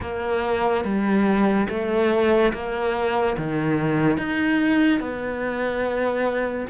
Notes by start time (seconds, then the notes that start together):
0.00 A#3
0.84 G3
1.69 A3
2.53 A#3
3.37 D#3
4.17 D#4
5.00 B3